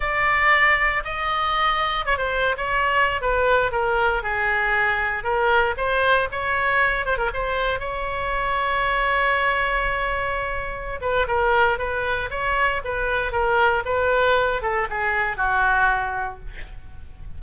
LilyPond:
\new Staff \with { instrumentName = "oboe" } { \time 4/4 \tempo 4 = 117 d''2 dis''2 | cis''16 c''8. cis''4~ cis''16 b'4 ais'8.~ | ais'16 gis'2 ais'4 c''8.~ | c''16 cis''4. c''16 ais'16 c''4 cis''8.~ |
cis''1~ | cis''4. b'8 ais'4 b'4 | cis''4 b'4 ais'4 b'4~ | b'8 a'8 gis'4 fis'2 | }